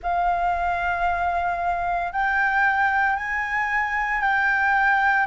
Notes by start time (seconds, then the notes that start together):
0.02 F5
2.12 G5
3.16 G#5
4.21 G5